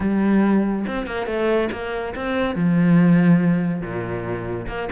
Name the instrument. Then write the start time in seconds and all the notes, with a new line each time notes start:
cello
0.00 G3
0.87 C4
1.06 A#3
1.26 A3
1.71 A#3
2.15 C4
2.55 F3
3.81 A#2
4.67 A#3